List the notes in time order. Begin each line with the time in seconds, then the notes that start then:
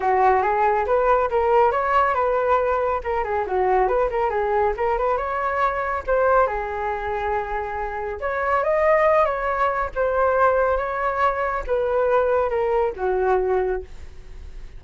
0.00 F#4
0.42 G#4
0.86 B4
1.29 A#4
1.71 C#5
2.14 B4
3.03 A#4
3.24 G#4
3.46 F#4
3.88 B4
4.10 A#4
4.29 G#4
4.76 A#4
4.98 B4
5.17 C#5
6.06 C5
6.46 G#4
8.20 C#5
8.63 D#5
9.25 C#5
9.95 C5
10.77 C#5
11.66 B4
12.49 A#4
12.96 F#4